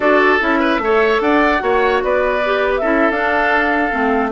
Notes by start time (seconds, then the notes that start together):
0.00 D4 F#4 A4 D5
0.40 C#4 E4 E5
0.59 B4
0.78 A3 A4 C#5
1.20 D4 D5 F#5
1.59 A#3 F#4 C#5
2.03 B3 B4 D5
2.45 G4
2.76 C#4 A4 E5
2.82 E4
3.10 D4 F5
3.91 A3 C4